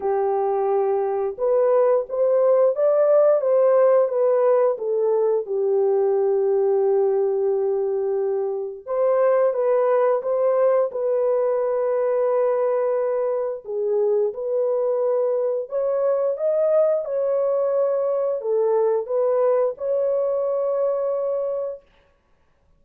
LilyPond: \new Staff \with { instrumentName = "horn" } { \time 4/4 \tempo 4 = 88 g'2 b'4 c''4 | d''4 c''4 b'4 a'4 | g'1~ | g'4 c''4 b'4 c''4 |
b'1 | gis'4 b'2 cis''4 | dis''4 cis''2 a'4 | b'4 cis''2. | }